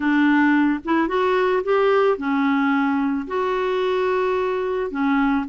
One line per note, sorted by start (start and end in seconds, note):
0.00 0.79 D4
0.84 1.08 E4
1.08 1.62 F#4
1.63 2.17 G4
2.17 3.26 C#4
3.27 4.90 F#4
4.90 5.45 C#4